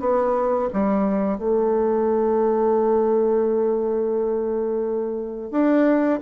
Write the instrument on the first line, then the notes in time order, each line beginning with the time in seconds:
bassoon
0.00 B3
0.73 G3
1.39 A3
5.51 D4